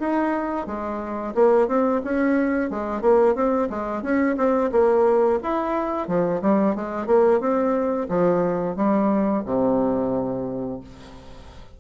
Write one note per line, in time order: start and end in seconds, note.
0.00 0.67 D#4
0.67 1.34 G#3
1.35 1.68 A#3
1.68 2.02 C4
2.04 2.70 C#4
2.70 3.02 G#3
3.02 3.35 A#3
3.35 3.69 C4
3.70 4.03 G#3
4.03 4.36 C#4
4.37 4.71 C4
4.72 5.40 A#3
5.43 6.08 E4
6.08 6.42 F3
6.42 6.76 G3
6.76 7.07 G#3
7.07 7.40 A#3
7.40 8.08 C4
8.09 8.76 F3
8.76 9.44 G3
9.46 10.80 C3